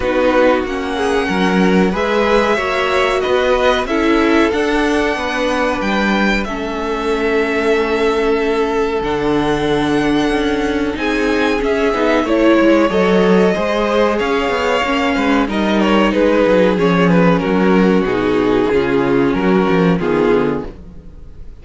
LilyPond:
<<
  \new Staff \with { instrumentName = "violin" } { \time 4/4 \tempo 4 = 93 b'4 fis''2 e''4~ | e''4 dis''4 e''4 fis''4~ | fis''4 g''4 e''2~ | e''2 fis''2~ |
fis''4 gis''4 e''4 cis''4 | dis''2 f''2 | dis''8 cis''8 b'4 cis''8 b'8 ais'4 | gis'2 ais'4 gis'4 | }
  \new Staff \with { instrumentName = "violin" } { \time 4/4 fis'4. gis'8 ais'4 b'4 | cis''4 b'4 a'2 | b'2 a'2~ | a'1~ |
a'4 gis'2 cis''4~ | cis''4 c''4 cis''4. b'8 | ais'4 gis'2 fis'4~ | fis'4 f'4 fis'4 f'4 | }
  \new Staff \with { instrumentName = "viola" } { \time 4/4 dis'4 cis'2 gis'4 | fis'2 e'4 d'4~ | d'2 cis'2~ | cis'2 d'2~ |
d'4 dis'4 cis'8 dis'8 e'4 | a'4 gis'2 cis'4 | dis'2 cis'2 | dis'4 cis'2 b4 | }
  \new Staff \with { instrumentName = "cello" } { \time 4/4 b4 ais4 fis4 gis4 | ais4 b4 cis'4 d'4 | b4 g4 a2~ | a2 d2 |
cis'4 c'4 cis'8 b8 a8 gis8 | fis4 gis4 cis'8 b8 ais8 gis8 | g4 gis8 fis8 f4 fis4 | b,4 cis4 fis8 f8 dis8 d8 | }
>>